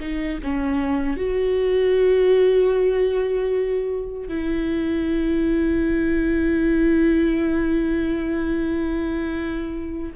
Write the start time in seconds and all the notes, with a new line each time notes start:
0.00 D#4
0.43 C#4
1.17 F#4
4.28 E4